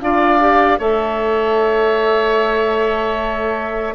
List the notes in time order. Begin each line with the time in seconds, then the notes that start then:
0.00 D4 F4 D5 F5
0.40 G4
0.78 A3 A4 C#5 E5